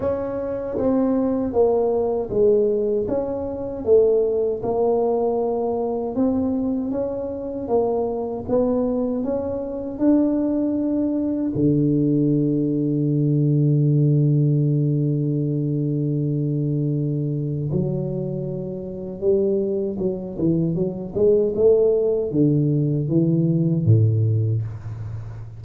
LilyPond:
\new Staff \with { instrumentName = "tuba" } { \time 4/4 \tempo 4 = 78 cis'4 c'4 ais4 gis4 | cis'4 a4 ais2 | c'4 cis'4 ais4 b4 | cis'4 d'2 d4~ |
d1~ | d2. fis4~ | fis4 g4 fis8 e8 fis8 gis8 | a4 d4 e4 a,4 | }